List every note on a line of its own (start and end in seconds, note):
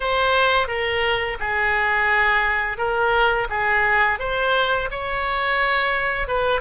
0.00 0.67 C5
0.67 1.37 A#4
1.40 2.77 G#4
2.77 3.47 A#4
3.49 4.19 G#4
4.19 4.89 C5
4.90 6.27 C#5
6.27 6.61 B4